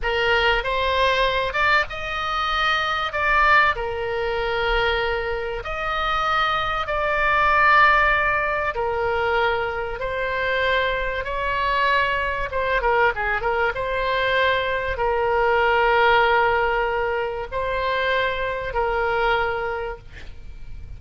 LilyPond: \new Staff \with { instrumentName = "oboe" } { \time 4/4 \tempo 4 = 96 ais'4 c''4. d''8 dis''4~ | dis''4 d''4 ais'2~ | ais'4 dis''2 d''4~ | d''2 ais'2 |
c''2 cis''2 | c''8 ais'8 gis'8 ais'8 c''2 | ais'1 | c''2 ais'2 | }